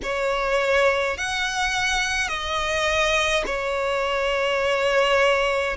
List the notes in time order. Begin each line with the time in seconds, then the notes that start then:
0.03 C#5
1.17 F#5
2.28 D#5
3.46 C#5